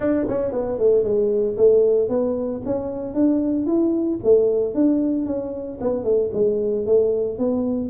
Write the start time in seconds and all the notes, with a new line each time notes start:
0.00 D4
0.28 C#4
0.52 B3
0.78 A3
1.03 G#3
1.57 A3
2.09 B3
2.65 C#4
3.14 D4
3.66 E4
4.23 A3
4.74 D4
5.26 C#4
5.80 B3
6.04 A3
6.33 G#3
6.85 A3
7.38 B3